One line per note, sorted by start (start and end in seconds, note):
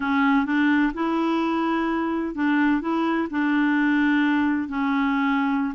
0.00 0.45 C#4
0.45 0.92 D4
0.94 2.34 E4
2.34 2.81 D4
2.81 3.28 E4
3.30 4.68 D4
4.68 5.74 C#4